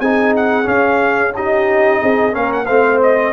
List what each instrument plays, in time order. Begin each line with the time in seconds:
0.00 tuba C4, trombone D#4, horn G#4, trumpet G#5
0.37 trumpet F#5
0.64 trombone C#4, tuba C#4, trumpet F5
1.35 trombone D#4, horn G4, trumpet D#5
2.02 tuba C4, horn G#4
2.32 tuba A#3, trombone C#4, horn A#4, trumpet F5
2.53 trumpet F#5
2.66 tuba A3, trombone C4, horn C5, trumpet F5
3.03 trumpet D#5